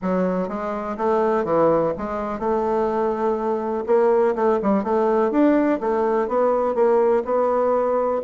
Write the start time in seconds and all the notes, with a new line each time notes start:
0.01 F#3
0.48 G#3
0.97 A3
1.44 E3
1.97 G#3
2.39 A3
3.86 A#3
4.35 A3
4.62 G3
4.83 A3
5.31 D4
5.80 A3
6.27 B3
6.74 A#3
7.24 B3